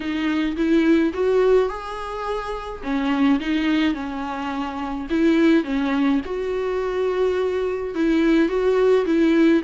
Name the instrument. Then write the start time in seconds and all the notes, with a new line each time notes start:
viola
0.00 D#4
0.56 E4
1.13 F#4
1.68 G#4
2.83 C#4
3.40 D#4
3.94 C#4
5.10 E4
5.64 C#4
6.25 F#4
7.95 E4
8.48 F#4
9.05 E4